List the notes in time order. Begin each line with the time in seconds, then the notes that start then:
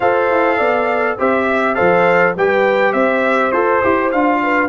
0.00 F4 A4 C5 F5
0.29 E4
0.57 B3 D5
1.17 C4 G4 C5 E5
1.49 E5
1.74 F3 A4 C5 F5
2.36 G3 G4 B4 G5
2.93 C4 C5 E5
3.51 F4 A4 C5
3.82 E4 G4
4.11 D4 F4 F5
4.42 B4